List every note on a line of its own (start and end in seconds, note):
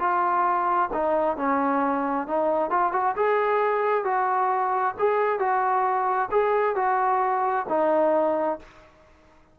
0.00 0.90 F4
0.94 1.37 D#4
1.37 2.27 C#4
2.27 2.71 D#4
2.71 2.93 F4
2.93 3.15 F#4
3.17 4.05 G#4
4.05 4.95 F#4
4.99 5.39 G#4
5.39 6.30 F#4
6.32 6.76 G#4
6.76 7.66 F#4
7.69 8.60 D#4